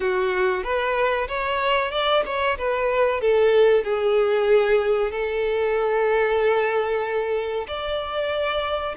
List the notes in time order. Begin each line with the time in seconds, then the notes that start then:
0.00 F#4
0.63 B4
1.28 C#5
1.91 D5
2.25 C#5
2.57 B4
3.20 A4
3.84 G#4
5.11 A4
7.67 D5